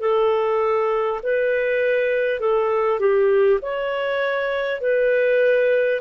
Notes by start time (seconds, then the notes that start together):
0.00 A4
1.23 B4
2.40 A4
2.99 G4
3.61 C#5
4.81 B4